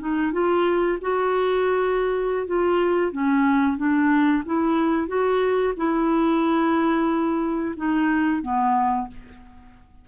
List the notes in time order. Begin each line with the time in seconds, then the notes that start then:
0.00 D#4
0.33 F4
1.02 F#4
2.47 F4
3.12 C#4
3.78 D4
4.46 E4
5.08 F#4
5.77 E4
7.77 D#4
8.42 B3